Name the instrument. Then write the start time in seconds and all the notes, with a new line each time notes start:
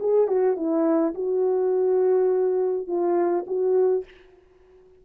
horn
0.00 G#4
0.28 F#4
0.56 E4
1.15 F#4
2.87 F4
3.47 F#4